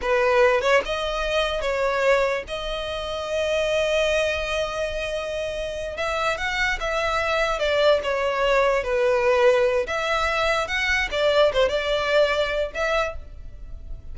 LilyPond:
\new Staff \with { instrumentName = "violin" } { \time 4/4 \tempo 4 = 146 b'4. cis''8 dis''2 | cis''2 dis''2~ | dis''1~ | dis''2~ dis''8 e''4 fis''8~ |
fis''8 e''2 d''4 cis''8~ | cis''4. b'2~ b'8 | e''2 fis''4 d''4 | c''8 d''2~ d''8 e''4 | }